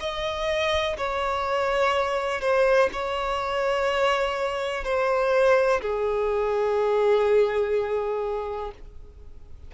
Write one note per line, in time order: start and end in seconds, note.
0.00 0.97 D#5
0.98 2.41 C#5
2.41 2.89 C5
2.93 4.84 C#5
4.84 5.81 C5
5.82 8.72 G#4